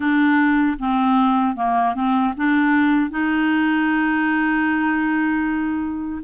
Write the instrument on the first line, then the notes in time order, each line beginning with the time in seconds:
clarinet
0.00 D4
0.79 C4
1.55 A#3
1.94 C4
2.36 D4
3.10 D#4